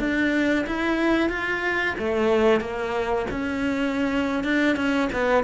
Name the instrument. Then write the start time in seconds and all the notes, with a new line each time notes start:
cello
0.00 D4
0.67 E4
1.30 F4
1.99 A3
2.61 A#3
3.31 C#4
4.44 D4
4.77 C#4
5.13 B3